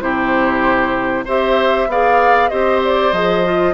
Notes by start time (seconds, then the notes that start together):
0.00 C3 E4 G4 C5
1.24 C4 G4 C5 E5
1.87 B3 G#4 D5 F5
2.48 C4 G4 C5 D#5
2.84 D5
3.12 F3 G#4 D#5
3.44 F4